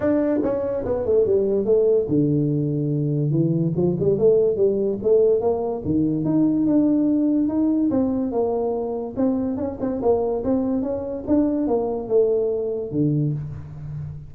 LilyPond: \new Staff \with { instrumentName = "tuba" } { \time 4/4 \tempo 4 = 144 d'4 cis'4 b8 a8 g4 | a4 d2. | e4 f8 g8 a4 g4 | a4 ais4 dis4 dis'4 |
d'2 dis'4 c'4 | ais2 c'4 cis'8 c'8 | ais4 c'4 cis'4 d'4 | ais4 a2 d4 | }